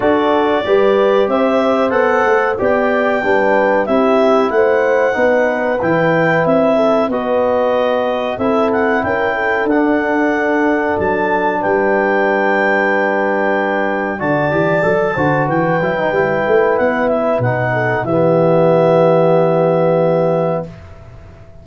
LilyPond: <<
  \new Staff \with { instrumentName = "clarinet" } { \time 4/4 \tempo 4 = 93 d''2 e''4 fis''4 | g''2 e''4 fis''4~ | fis''4 g''4 e''4 dis''4~ | dis''4 e''8 fis''8 g''4 fis''4~ |
fis''4 a''4 g''2~ | g''2 a''2 | g''2 fis''8 e''8 fis''4 | e''1 | }
  \new Staff \with { instrumentName = "horn" } { \time 4/4 a'4 b'4 c''2 | d''4 b'4 g'4 c''4 | b'2~ b'8 a'8 b'4~ | b'4 a'4 ais'8 a'4.~ |
a'2 b'2~ | b'2 d''4. c''8 | b'2.~ b'8 a'8 | g'1 | }
  \new Staff \with { instrumentName = "trombone" } { \time 4/4 fis'4 g'2 a'4 | g'4 d'4 e'2 | dis'4 e'2 fis'4~ | fis'4 e'2 d'4~ |
d'1~ | d'2 fis'8 g'8 a'8 fis'8~ | fis'8 e'16 dis'16 e'2 dis'4 | b1 | }
  \new Staff \with { instrumentName = "tuba" } { \time 4/4 d'4 g4 c'4 b8 a8 | b4 g4 c'4 a4 | b4 e4 c'4 b4~ | b4 c'4 cis'4 d'4~ |
d'4 fis4 g2~ | g2 d8 e8 fis8 d8 | e8 fis8 g8 a8 b4 b,4 | e1 | }
>>